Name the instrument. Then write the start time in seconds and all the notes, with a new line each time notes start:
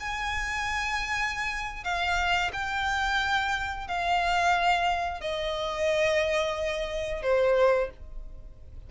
violin
0.00 G#5
1.84 F5
2.53 G5
3.88 F5
5.21 D#5
7.22 C5